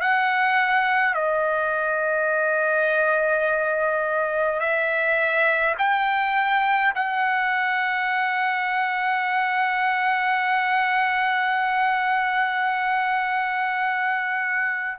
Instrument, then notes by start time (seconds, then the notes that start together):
trumpet
0.00 F#5
1.14 D#5
4.59 E5
5.78 G5
6.95 F#5